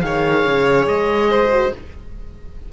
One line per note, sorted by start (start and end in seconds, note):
0.00 0.44 D#3
0.00 1.50 G#4
0.00 1.30 C#5
0.00 0.85 F5
0.45 0.87 C#3
0.87 1.71 G#3
0.87 1.72 D#5
1.30 1.72 C5
1.50 1.71 F#4